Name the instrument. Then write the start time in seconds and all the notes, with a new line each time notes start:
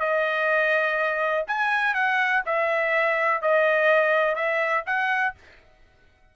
trumpet
0.00 D#5
1.48 G#5
1.94 F#5
2.46 E5
3.42 D#5
4.35 E5
4.86 F#5